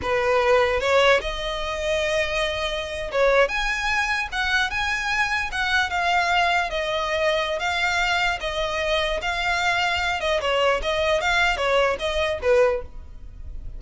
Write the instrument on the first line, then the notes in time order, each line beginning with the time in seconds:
violin
0.02 B4
0.80 C#5
1.21 D#5
3.11 C#5
3.48 G#5
4.32 F#5
4.70 G#5
5.51 F#5
5.90 F5
6.70 D#5
7.59 F5
8.40 D#5
9.21 F5
10.20 D#5
10.40 C#5
10.82 D#5
11.20 F5
11.56 C#5
11.99 D#5
12.42 B4